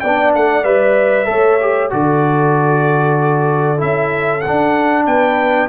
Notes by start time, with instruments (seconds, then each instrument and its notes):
0.00 tuba B3, trombone D4, horn D5, trumpet G5
0.35 tuba A3, trumpet F#5
0.63 tuba G3, trombone B4, trumpet E5
1.25 tuba A3, trombone A4, horn C#5
1.60 trombone G4
1.90 tuba D3, trombone F#4, horn A4, trumpet D5
3.77 tuba C#4, trombone E4, trumpet E5
4.41 tuba D4, trombone D4, trumpet F#5
5.06 tuba B3, horn B4, trumpet G5